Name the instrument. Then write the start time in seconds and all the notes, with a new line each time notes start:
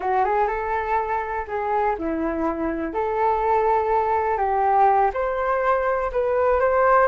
flute
0.00 F#4
0.24 G#4
0.47 A4
1.47 G#4
1.98 E4
2.93 A4
4.37 G4
5.13 C5
6.12 B4
6.60 C5